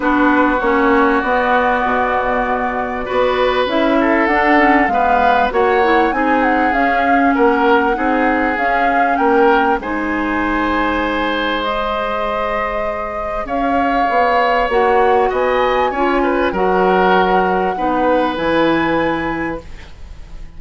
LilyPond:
<<
  \new Staff \with { instrumentName = "flute" } { \time 4/4 \tempo 4 = 98 b'4 cis''4 d''2~ | d''2 e''4 fis''4 | f''4 fis''4 gis''8 fis''8 f''4 | fis''2 f''4 g''4 |
gis''2. dis''4~ | dis''2 f''2 | fis''4 gis''2 fis''4~ | fis''2 gis''2 | }
  \new Staff \with { instrumentName = "oboe" } { \time 4/4 fis'1~ | fis'4 b'4. a'4. | b'4 cis''4 gis'2 | ais'4 gis'2 ais'4 |
c''1~ | c''2 cis''2~ | cis''4 dis''4 cis''8 b'8 ais'4~ | ais'4 b'2. | }
  \new Staff \with { instrumentName = "clarinet" } { \time 4/4 d'4 cis'4 b2~ | b4 fis'4 e'4 d'8 cis'8 | b4 fis'8 e'8 dis'4 cis'4~ | cis'4 dis'4 cis'2 |
dis'2. gis'4~ | gis'1 | fis'2 f'4 fis'4~ | fis'4 dis'4 e'2 | }
  \new Staff \with { instrumentName = "bassoon" } { \time 4/4 b4 ais4 b4 b,4~ | b,4 b4 cis'4 d'4 | gis4 ais4 c'4 cis'4 | ais4 c'4 cis'4 ais4 |
gis1~ | gis2 cis'4 b4 | ais4 b4 cis'4 fis4~ | fis4 b4 e2 | }
>>